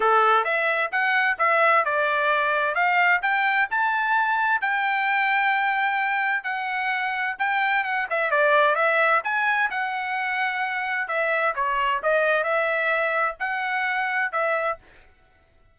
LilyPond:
\new Staff \with { instrumentName = "trumpet" } { \time 4/4 \tempo 4 = 130 a'4 e''4 fis''4 e''4 | d''2 f''4 g''4 | a''2 g''2~ | g''2 fis''2 |
g''4 fis''8 e''8 d''4 e''4 | gis''4 fis''2. | e''4 cis''4 dis''4 e''4~ | e''4 fis''2 e''4 | }